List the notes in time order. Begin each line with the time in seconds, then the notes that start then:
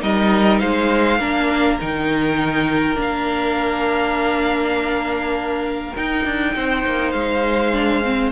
0.00 G3 D#4 A#4 D#5
0.58 G#3 C5 F5
1.19 A#3 D4 A#4
1.80 D#3 D#4 G5
2.95 A#3 D4
3.01 F5
5.95 D#4 G5
6.25 D4
6.55 C4 C5
6.86 A#3
7.11 G#3 F5
7.73 D4
8.04 C4